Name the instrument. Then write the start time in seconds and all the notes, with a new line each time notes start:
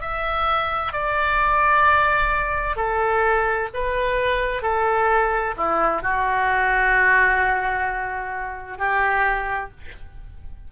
oboe
0.00 E5
0.92 D5
2.76 A4
3.73 B4
4.62 A4
5.56 E4
6.02 F#4
8.78 G4